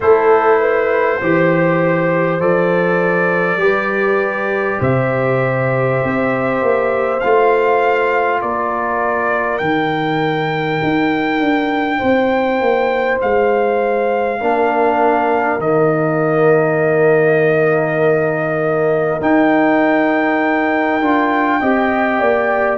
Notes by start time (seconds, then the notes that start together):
0.00 A3 E4 A4 C5
0.60 B4
1.21 E3 G4 C5
2.40 F3 A4 D5
3.56 G3 G4 B4
4.79 C3 C5 E5
6.03 C4
6.61 A#3
7.20 A3 F4 F5
8.41 A#3 A#4 D5
9.58 D#3 D#4 G5
10.82 D#4
11.39 D4
11.98 C4 C5
12.61 A#3
13.21 G#3 F5
14.40 A#3 D4 A#4
15.58 D#3 A#3 D#5
19.20 D#4 G5
21.00 D4 F4
21.59 C4 G4 D#5
22.19 A#3 D5